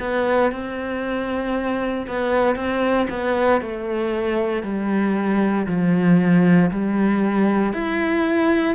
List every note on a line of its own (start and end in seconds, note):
0.00 0.52 B3
0.52 2.07 C4
2.08 2.56 B3
2.56 3.08 C4
3.10 3.62 B3
3.62 4.63 A3
4.63 5.67 G3
5.67 6.71 F3
6.71 7.74 G3
7.74 8.76 E4